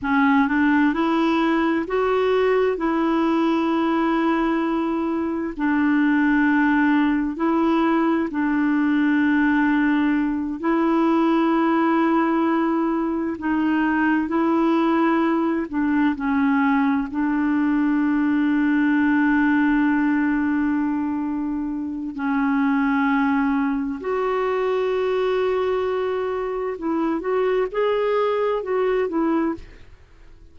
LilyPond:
\new Staff \with { instrumentName = "clarinet" } { \time 4/4 \tempo 4 = 65 cis'8 d'8 e'4 fis'4 e'4~ | e'2 d'2 | e'4 d'2~ d'8 e'8~ | e'2~ e'8 dis'4 e'8~ |
e'4 d'8 cis'4 d'4.~ | d'1 | cis'2 fis'2~ | fis'4 e'8 fis'8 gis'4 fis'8 e'8 | }